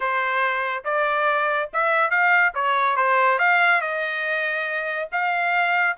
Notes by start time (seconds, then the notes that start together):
0.00 C5
0.84 D5
1.73 E5
2.10 F5
2.54 C#5
2.96 C5
3.38 F5
3.81 D#5
5.12 F5